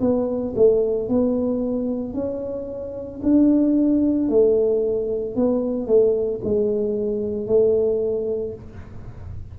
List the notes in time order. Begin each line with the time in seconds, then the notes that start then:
0.00 B3
0.56 A3
1.09 B3
2.13 C#4
3.22 D4
4.29 A3
5.35 B3
5.86 A3
6.44 G#3
7.47 A3